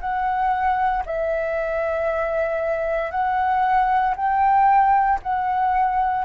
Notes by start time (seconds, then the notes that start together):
0.00 F#5
1.06 E5
3.11 F#5
4.16 G5
5.22 F#5